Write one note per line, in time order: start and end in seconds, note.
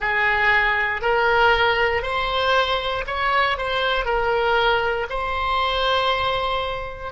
0.00 1.01 G#4
1.01 2.02 A#4
2.02 3.04 C5
3.06 3.57 C#5
3.57 4.05 C5
4.05 5.07 A#4
5.09 7.12 C5